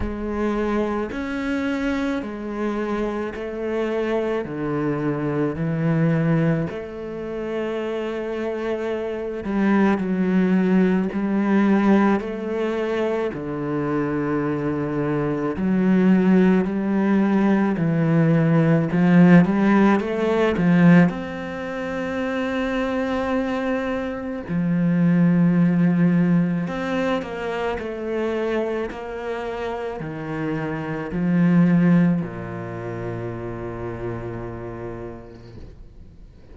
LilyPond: \new Staff \with { instrumentName = "cello" } { \time 4/4 \tempo 4 = 54 gis4 cis'4 gis4 a4 | d4 e4 a2~ | a8 g8 fis4 g4 a4 | d2 fis4 g4 |
e4 f8 g8 a8 f8 c'4~ | c'2 f2 | c'8 ais8 a4 ais4 dis4 | f4 ais,2. | }